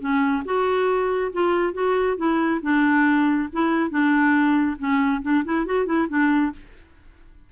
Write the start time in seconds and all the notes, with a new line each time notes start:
0.00 C#4
0.45 F#4
1.33 F4
1.74 F#4
2.17 E4
2.62 D4
3.53 E4
3.91 D4
4.79 C#4
5.23 D4
5.45 E4
5.66 F#4
5.86 E4
6.09 D4